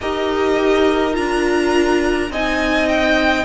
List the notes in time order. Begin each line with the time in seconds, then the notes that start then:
0.00 D#4 G4 A#4 D#5
1.12 D4 F4 A#5
2.30 C4 D#4 D#5 G#5
2.88 G5